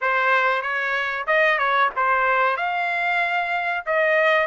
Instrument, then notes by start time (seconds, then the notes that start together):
trumpet
0.01 C5
0.62 C#5
1.26 D#5
1.58 C#5
1.96 C5
2.56 F5
3.86 D#5